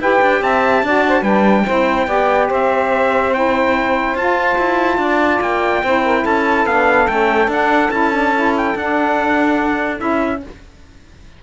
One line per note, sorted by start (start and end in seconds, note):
0.00 0.21 E4
0.00 0.85 G4
0.00 0.43 B4
0.00 0.43 G5
0.22 0.42 D4
0.42 0.83 C4
0.42 0.86 E5
0.42 1.24 A5
0.83 1.22 D4
0.83 1.25 F#4
0.83 1.07 D5
1.08 1.22 C5
1.22 1.64 G3
1.22 1.66 D4
1.22 1.64 B4
1.22 2.49 G5
1.66 2.08 C4
1.66 2.08 E4
1.66 2.07 C5
2.07 2.49 B3
2.07 3.33 G4
2.07 2.48 D5
2.48 4.15 C4
2.48 4.98 C5
2.48 3.34 E5
3.34 4.17 E4
3.34 4.17 G5
4.15 4.57 F4
4.15 5.85 F4
4.15 5.42 A5
4.59 4.98 E4
4.98 5.40 D4
4.98 5.84 D5
5.41 5.83 A#3
5.41 6.26 G5
5.84 6.25 C4
5.84 6.69 E4
5.84 6.05 C5
6.05 6.23 A#4
6.23 6.66 C#4
6.23 10.40 A4
6.23 6.67 A5
6.66 7.08 B3
6.66 7.09 D4
6.66 7.08 F5
7.08 7.48 A3
7.08 7.50 C#4
7.08 7.50 G5
7.48 7.90 D4
7.48 7.93 D4
7.48 7.91 F#5
7.91 8.74 C#4
7.91 8.13 E4
7.91 8.54 A5
8.13 8.34 D4
8.35 8.77 E4
8.57 8.78 G5
8.76 10.01 D4
8.76 9.98 D4
8.76 10.00 F#5
9.98 10.43 C#4
9.98 10.40 E4
9.98 10.42 E5